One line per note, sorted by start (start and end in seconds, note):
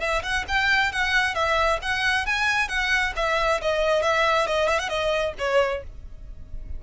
0.00 0.22 E5
0.22 0.45 F#5
0.48 0.92 G5
0.92 1.34 F#5
1.34 1.79 E5
1.82 2.26 F#5
2.26 2.68 G#5
2.68 3.13 F#5
3.16 3.60 E5
3.61 4.02 D#5
4.02 4.47 E5
4.47 4.68 D#5
4.68 4.79 E5
4.79 4.89 F#5
4.89 5.33 D#5
5.38 5.83 C#5